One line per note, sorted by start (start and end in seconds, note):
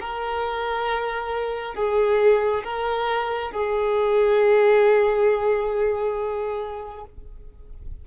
0.00 1.74 A#4
1.74 2.63 G#4
2.64 3.51 A#4
3.51 7.04 G#4